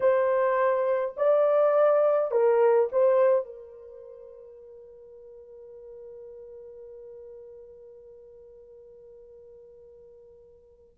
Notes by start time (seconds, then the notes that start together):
0.00 C5
1.16 D5
2.31 A#4
2.92 C5
3.45 A#4